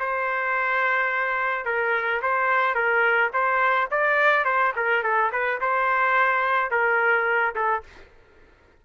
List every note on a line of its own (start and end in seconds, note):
0.00 1.65 C5
1.65 2.21 A#4
2.22 2.75 C5
2.75 3.31 A#4
3.33 3.89 C5
3.91 4.45 D5
4.45 4.73 C5
4.76 5.03 A#4
5.03 5.31 A4
5.32 5.60 B4
5.61 6.71 C5
6.71 7.55 A#4
7.55 7.84 A4